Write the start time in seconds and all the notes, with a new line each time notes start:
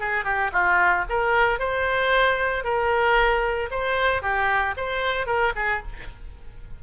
0.00 G#4
0.25 G4
0.52 F4
1.09 A#4
1.59 C5
2.64 A#4
3.71 C5
4.22 G4
4.77 C5
5.27 A#4
5.56 G#4